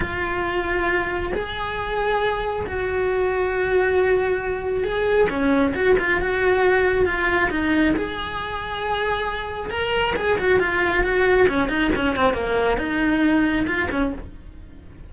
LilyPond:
\new Staff \with { instrumentName = "cello" } { \time 4/4 \tempo 4 = 136 f'2. gis'4~ | gis'2 fis'2~ | fis'2. gis'4 | cis'4 fis'8 f'8 fis'2 |
f'4 dis'4 gis'2~ | gis'2 ais'4 gis'8 fis'8 | f'4 fis'4 cis'8 dis'8 cis'8 c'8 | ais4 dis'2 f'8 cis'8 | }